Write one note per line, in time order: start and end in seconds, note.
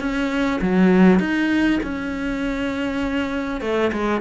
0.00 0.61 C#4
0.62 1.20 F#3
1.20 1.80 D#4
1.83 3.61 C#4
3.61 3.92 A3
3.93 4.21 G#3